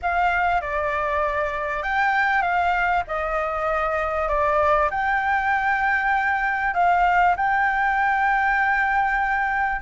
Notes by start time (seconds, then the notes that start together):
0.02 F5
0.61 D5
1.82 G5
2.42 F5
3.07 D#5
4.28 D5
4.90 G5
6.74 F5
7.36 G5